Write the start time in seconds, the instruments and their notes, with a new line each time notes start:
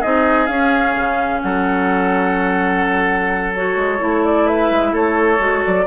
0.00 bassoon C4, clarinet D#4, oboe G#4, flute D#5
0.47 bassoon C#4, clarinet C#4, flute F5
0.95 bassoon C#3
1.42 bassoon F#3, oboe A4, flute F#5
3.55 clarinet F#4, flute C#5
3.76 bassoon G#3
3.99 bassoon A3, clarinet E4
4.25 flute D5
4.46 oboe B4, flute E5
4.71 bassoon G#3
4.93 bassoon A3, oboe A4, flute C#5
5.39 bassoon G#3, clarinet F#4
5.65 bassoon F#3, flute D5